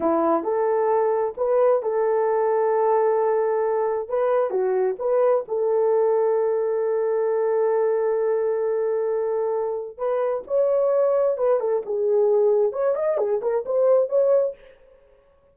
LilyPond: \new Staff \with { instrumentName = "horn" } { \time 4/4 \tempo 4 = 132 e'4 a'2 b'4 | a'1~ | a'4 b'4 fis'4 b'4 | a'1~ |
a'1~ | a'2 b'4 cis''4~ | cis''4 b'8 a'8 gis'2 | cis''8 dis''8 gis'8 ais'8 c''4 cis''4 | }